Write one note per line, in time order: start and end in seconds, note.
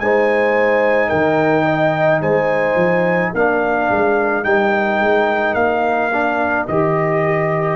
0.00 1.11 G#3
0.00 3.35 D#4
0.00 1.09 C5
0.00 1.09 G#5
1.09 2.22 D#3
1.09 1.65 A#4
1.09 2.21 G5
1.65 2.21 D#5
2.22 2.75 G#3
2.22 3.33 C5
2.22 3.33 G#5
2.75 3.31 F3
3.33 3.90 A#3
3.33 4.44 D4
3.33 7.76 A#4
3.33 4.44 F5
3.90 4.46 G#3
4.44 5.00 G3
4.44 6.11 D#4
4.44 5.54 G5
5.00 5.55 G#3
5.54 6.66 A#3
5.54 6.66 F5
6.13 6.69 D4
6.68 7.76 D#3
6.68 7.76 G4
6.68 7.76 D#5